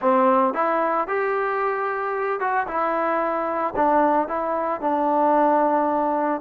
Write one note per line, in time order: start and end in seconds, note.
0.01 0.54 C4
0.54 1.07 E4
1.07 2.40 G4
2.40 2.66 F#4
2.67 3.74 E4
3.75 4.28 D4
4.28 4.81 E4
4.81 6.41 D4